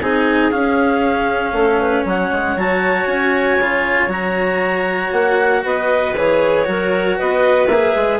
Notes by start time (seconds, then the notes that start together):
0.00 C4 D#4 G#4 G#5
0.50 C#4 F5
1.52 A3 A4
1.80 B4
2.05 F#3 C#5 F#5
2.31 G#3
2.56 F#3 F#4 A5
3.05 C#4 G#5
3.58 C#3 F4
4.07 F#3 F#4 A#5
5.12 A#3 F#5
5.64 B3 B4 D#5
6.16 E3 G#4 C#5
6.64 F#3 F#4 A#4
7.17 B3 B4 D#5
7.67 A#3 G#4 E5
7.95 G#3